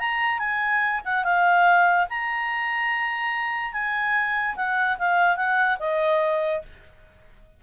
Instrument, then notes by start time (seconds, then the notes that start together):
clarinet
0.00 A#5
0.39 G#5
1.05 F#5
1.24 F5
2.10 A#5
3.73 G#5
4.56 F#5
4.99 F5
5.37 F#5
5.79 D#5